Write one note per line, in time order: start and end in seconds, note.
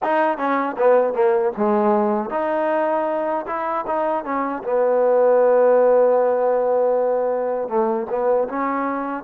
0.02 0.37 D#4
0.37 0.76 C#4
0.77 1.13 B3
1.13 1.52 A#3
1.57 2.30 G#3
2.30 3.45 D#4
3.47 3.85 E4
3.86 4.24 D#4
4.24 4.63 C#4
4.63 7.68 B3
7.68 8.07 A3
8.09 8.48 B3
8.48 9.23 C#4